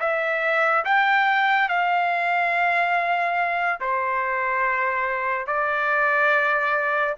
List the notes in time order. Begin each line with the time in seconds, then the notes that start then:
0.00 E5
0.85 G5
1.69 F5
3.81 C5
5.47 D5